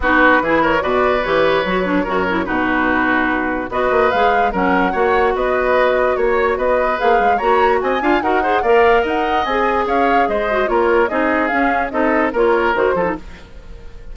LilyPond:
<<
  \new Staff \with { instrumentName = "flute" } { \time 4/4 \tempo 4 = 146 b'4. cis''8 d''4 cis''4~ | cis''2 b'2~ | b'4 dis''4 f''4 fis''4~ | fis''4 dis''2 cis''4 |
dis''4 f''4 ais''4 gis''4 | fis''4 f''4 fis''4 gis''4 | f''4 dis''4 cis''4 dis''4 | f''4 dis''4 cis''4 c''4 | }
  \new Staff \with { instrumentName = "oboe" } { \time 4/4 fis'4 gis'8 ais'8 b'2~ | b'4 ais'4 fis'2~ | fis'4 b'2 ais'4 | cis''4 b'2 cis''4 |
b'2 cis''4 dis''8 f''8 | ais'8 c''8 d''4 dis''2 | cis''4 c''4 ais'4 gis'4~ | gis'4 a'4 ais'4. a'8 | }
  \new Staff \with { instrumentName = "clarinet" } { \time 4/4 dis'4 e'4 fis'4 g'4 | fis'8 d'8 fis'8 e'8 dis'2~ | dis'4 fis'4 gis'4 cis'4 | fis'1~ |
fis'4 gis'4 fis'4. f'8 | fis'8 gis'8 ais'2 gis'4~ | gis'4. fis'8 f'4 dis'4 | cis'4 dis'4 f'4 fis'8 f'16 dis'16 | }
  \new Staff \with { instrumentName = "bassoon" } { \time 4/4 b4 e4 b,4 e4 | fis4 fis,4 b,2~ | b,4 b8 ais8 gis4 fis4 | ais4 b2 ais4 |
b4 ais8 gis8 ais4 c'8 d'8 | dis'4 ais4 dis'4 c'4 | cis'4 gis4 ais4 c'4 | cis'4 c'4 ais4 dis8 f8 | }
>>